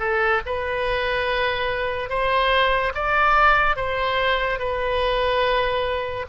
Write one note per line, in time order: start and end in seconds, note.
0.00 0.42 A4
0.46 2.10 B4
2.10 2.93 C5
2.95 3.77 D5
3.77 4.59 C5
4.59 6.26 B4